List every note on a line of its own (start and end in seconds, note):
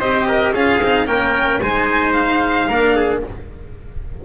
0.00 0.53 C4
0.00 0.54 G4
0.00 0.27 C5
0.00 0.54 D#5
0.29 0.54 A#4
0.53 0.80 C#4
0.53 0.82 F4
0.53 1.07 G#4
0.53 1.07 F5
0.82 1.08 C4
0.82 1.07 D#4
1.07 1.61 A#3
1.07 1.61 C#4
1.07 1.62 A#4
1.07 1.61 G5
1.61 2.69 G#3
1.61 2.70 D#4
1.61 2.69 C5
1.61 2.13 G#5
2.13 3.21 F5
2.69 3.23 A#3
2.69 3.25 D4
2.69 2.96 A#4
2.96 3.23 G#4